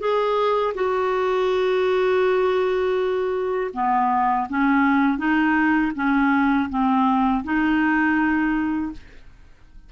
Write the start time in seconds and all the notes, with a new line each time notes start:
0.00 G#4
0.75 F#4
3.74 B3
4.49 C#4
5.19 D#4
5.96 C#4
6.70 C4
7.44 D#4